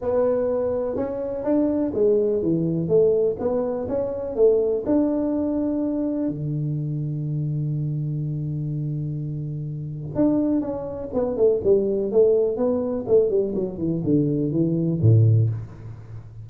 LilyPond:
\new Staff \with { instrumentName = "tuba" } { \time 4/4 \tempo 4 = 124 b2 cis'4 d'4 | gis4 e4 a4 b4 | cis'4 a4 d'2~ | d'4 d2.~ |
d1~ | d4 d'4 cis'4 b8 a8 | g4 a4 b4 a8 g8 | fis8 e8 d4 e4 a,4 | }